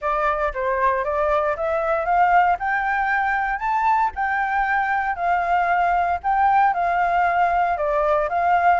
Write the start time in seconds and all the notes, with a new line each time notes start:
0.01 D5
0.53 C5
1.04 D5
1.56 E5
2.05 F5
2.59 G5
3.59 A5
4.15 G5
5.15 F5
6.23 G5
6.73 F5
7.77 D5
8.29 F5